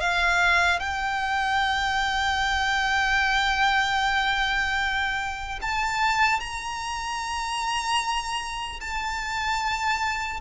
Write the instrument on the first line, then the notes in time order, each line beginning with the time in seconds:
violin
0.00 F5
0.80 G5
5.62 A5
6.40 A#5
8.80 A5